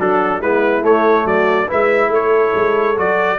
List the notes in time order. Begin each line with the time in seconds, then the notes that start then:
0.00 F#3 D4 F#4 A4
0.40 G#3 B3 E4 B4
0.82 A3 C#5
1.25 F#3 F#4 D5
1.67 G#3 E4 B4 E5
2.09 A3 A4 C#5
2.55 G#3
2.96 F#3 F#4 D5